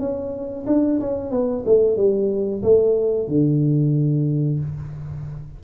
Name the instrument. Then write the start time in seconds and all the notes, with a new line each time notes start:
tuba
0.00 C#4
0.67 D4
1.01 C#4
1.31 B3
1.66 A3
1.97 G3
2.63 A3
3.28 D3